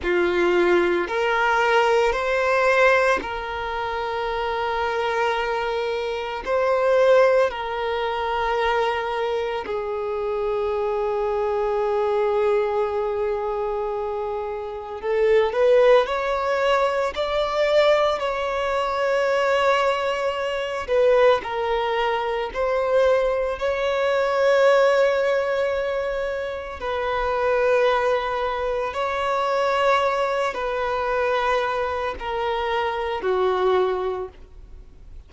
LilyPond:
\new Staff \with { instrumentName = "violin" } { \time 4/4 \tempo 4 = 56 f'4 ais'4 c''4 ais'4~ | ais'2 c''4 ais'4~ | ais'4 gis'2.~ | gis'2 a'8 b'8 cis''4 |
d''4 cis''2~ cis''8 b'8 | ais'4 c''4 cis''2~ | cis''4 b'2 cis''4~ | cis''8 b'4. ais'4 fis'4 | }